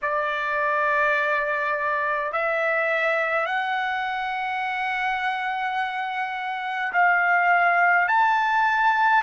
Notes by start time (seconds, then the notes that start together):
0.02 D5
2.32 E5
3.46 F#5
6.92 F5
8.08 A5